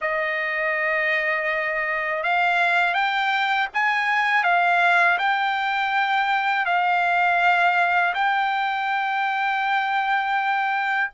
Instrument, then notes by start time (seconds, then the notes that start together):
trumpet
0.01 D#5
2.23 F5
2.94 G5
3.73 G#5
4.43 F5
5.18 G5
6.65 F5
8.14 G5